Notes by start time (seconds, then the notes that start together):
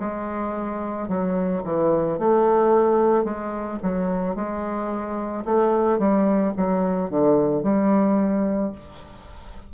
0.00 G#3
1.09 F#3
1.64 E3
2.19 A3
3.24 G#3
3.83 F#3
4.36 G#3
5.45 A3
5.99 G3
6.58 F#3
7.10 D3
7.63 G3